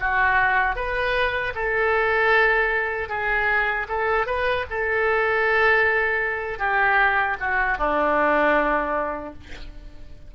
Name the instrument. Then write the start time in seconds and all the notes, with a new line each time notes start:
oboe
0.00 F#4
0.75 B4
1.55 A4
3.09 G#4
3.89 A4
4.26 B4
4.70 A4
6.59 G4
7.40 F#4
7.78 D4